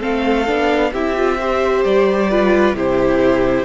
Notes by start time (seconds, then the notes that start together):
0.00 A3 C4 A4 F5
0.47 B3 D4
0.92 C4 E4 G4 E5
1.16 F4
1.40 G4 C5
1.84 G3 D5
2.30 F4 B4
2.73 C3 E4 G4 C5